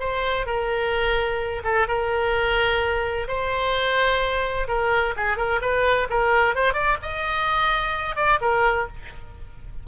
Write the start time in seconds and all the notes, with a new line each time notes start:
0.00 C5
0.47 A#4
1.64 A4
1.88 A#4
3.28 C5
4.68 A#4
5.17 G#4
5.37 A#4
5.62 B4
6.10 A#4
6.55 C5
6.74 D5
7.03 D#5
8.16 D5
8.41 A#4